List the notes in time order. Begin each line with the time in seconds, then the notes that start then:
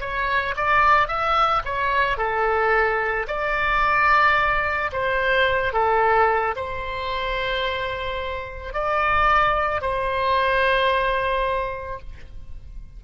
0.00 C#5
0.57 D5
1.08 E5
1.65 C#5
2.17 A4
3.27 D5
4.92 C5
5.73 A4
6.56 C5
8.73 D5
9.81 C5